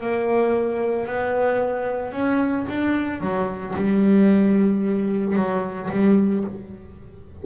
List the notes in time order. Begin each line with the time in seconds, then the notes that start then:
0.00 A#3
1.07 B3
2.12 C#4
2.69 D4
3.20 F#3
3.76 G3
5.36 F#3
5.91 G3